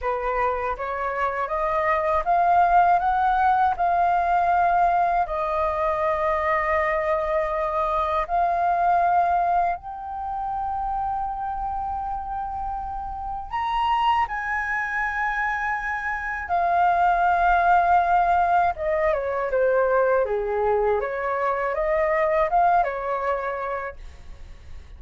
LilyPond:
\new Staff \with { instrumentName = "flute" } { \time 4/4 \tempo 4 = 80 b'4 cis''4 dis''4 f''4 | fis''4 f''2 dis''4~ | dis''2. f''4~ | f''4 g''2.~ |
g''2 ais''4 gis''4~ | gis''2 f''2~ | f''4 dis''8 cis''8 c''4 gis'4 | cis''4 dis''4 f''8 cis''4. | }